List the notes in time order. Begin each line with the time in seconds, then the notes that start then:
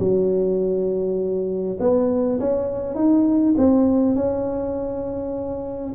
0.00 F#3
1.81 B3
2.41 C#4
2.96 D#4
3.58 C4
4.16 C#4